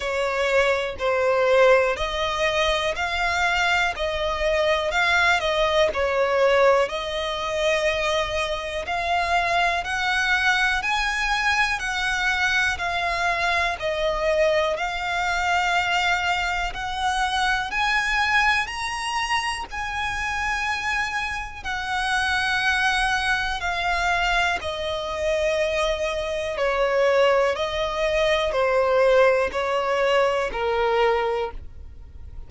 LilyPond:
\new Staff \with { instrumentName = "violin" } { \time 4/4 \tempo 4 = 61 cis''4 c''4 dis''4 f''4 | dis''4 f''8 dis''8 cis''4 dis''4~ | dis''4 f''4 fis''4 gis''4 | fis''4 f''4 dis''4 f''4~ |
f''4 fis''4 gis''4 ais''4 | gis''2 fis''2 | f''4 dis''2 cis''4 | dis''4 c''4 cis''4 ais'4 | }